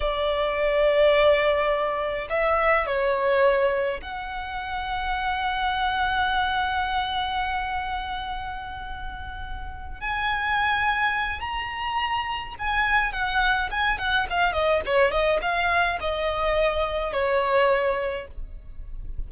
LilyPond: \new Staff \with { instrumentName = "violin" } { \time 4/4 \tempo 4 = 105 d''1 | e''4 cis''2 fis''4~ | fis''1~ | fis''1~ |
fis''4. gis''2~ gis''8 | ais''2 gis''4 fis''4 | gis''8 fis''8 f''8 dis''8 cis''8 dis''8 f''4 | dis''2 cis''2 | }